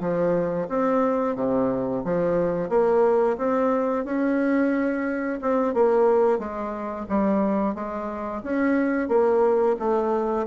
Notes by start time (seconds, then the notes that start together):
0.00 F3
0.69 C4
1.35 C3
2.04 F3
2.69 A#3
3.37 C4
4.04 C#4
5.41 C4
5.74 A#3
6.38 G#3
7.08 G3
7.75 G#3
8.43 C#4
9.08 A#3
9.79 A3